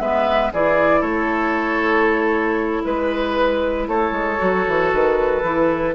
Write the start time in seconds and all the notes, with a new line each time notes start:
0.00 G#3 B3 B4 E5
0.53 E3 E4 G#4 D5
1.01 A3 A4 C#5
2.84 G#3 B4
3.88 A3 A4 C#5
4.12 G#3
4.39 F#3 F#4
4.67 E3
4.93 D#3 B4
5.43 E3 E4